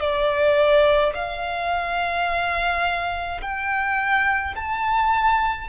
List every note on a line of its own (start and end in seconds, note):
0.00 1.13 D5
1.14 3.41 F5
3.41 4.54 G5
4.55 5.68 A5